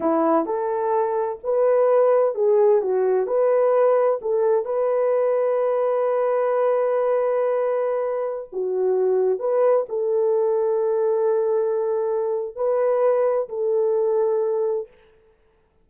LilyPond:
\new Staff \with { instrumentName = "horn" } { \time 4/4 \tempo 4 = 129 e'4 a'2 b'4~ | b'4 gis'4 fis'4 b'4~ | b'4 a'4 b'2~ | b'1~ |
b'2~ b'16 fis'4.~ fis'16~ | fis'16 b'4 a'2~ a'8.~ | a'2. b'4~ | b'4 a'2. | }